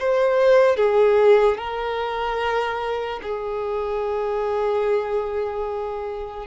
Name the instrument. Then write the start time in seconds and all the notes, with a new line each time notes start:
violin
0.00 C5
0.77 G#4
1.58 A#4
3.23 G#4